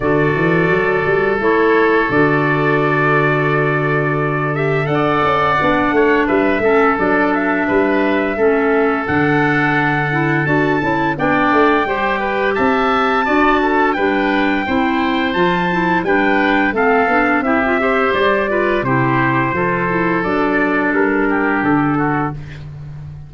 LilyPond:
<<
  \new Staff \with { instrumentName = "trumpet" } { \time 4/4 \tempo 4 = 86 d''2 cis''4 d''4~ | d''2~ d''8 e''8 fis''4~ | fis''4 e''4 d''8 e''4.~ | e''4 fis''2 a''4 |
g''2 a''2 | g''2 a''4 g''4 | f''4 e''4 d''4 c''4~ | c''4 d''4 ais'4 a'4 | }
  \new Staff \with { instrumentName = "oboe" } { \time 4/4 a'1~ | a'2. d''4~ | d''8 cis''8 b'8 a'4. b'4 | a'1 |
d''4 c''8 b'8 e''4 d''8 a'8 | b'4 c''2 b'4 | a'4 g'8 c''4 b'8 g'4 | a'2~ a'8 g'4 fis'8 | }
  \new Staff \with { instrumentName = "clarinet" } { \time 4/4 fis'2 e'4 fis'4~ | fis'2~ fis'8 g'8 a'4 | d'4. cis'8 d'2 | cis'4 d'4. e'8 fis'8 e'8 |
d'4 g'2 fis'4 | d'4 e'4 f'8 e'8 d'4 | c'8 d'8 e'16 f'16 g'4 f'8 e'4 | f'8 e'8 d'2. | }
  \new Staff \with { instrumentName = "tuba" } { \time 4/4 d8 e8 fis8 g8 a4 d4~ | d2. d'8 cis'8 | b8 a8 g8 a8 fis4 g4 | a4 d2 d'8 cis'8 |
b8 a8 g4 c'4 d'4 | g4 c'4 f4 g4 | a8 b8 c'4 g4 c4 | f4 fis4 g4 d4 | }
>>